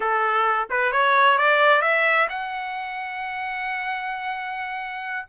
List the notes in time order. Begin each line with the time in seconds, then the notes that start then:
0.00 A4
0.70 B4
0.92 C#5
1.38 D5
1.81 E5
2.29 F#5